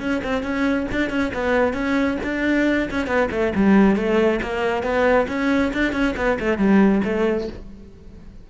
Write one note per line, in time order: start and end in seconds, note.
0.00 0.22 C#4
0.24 0.43 C4
0.43 0.87 C#4
0.92 1.10 D4
1.10 1.32 C#4
1.34 1.74 B3
1.74 2.18 C#4
2.24 2.89 D4
2.91 3.07 C#4
3.07 3.29 B3
3.31 3.53 A3
3.56 3.96 G3
3.96 4.40 A3
4.42 4.83 A#3
4.83 5.27 B3
5.29 5.72 C#4
5.74 5.93 D4
5.93 6.15 C#4
6.17 6.39 B3
6.40 6.58 A3
6.58 7.02 G3
7.05 7.48 A3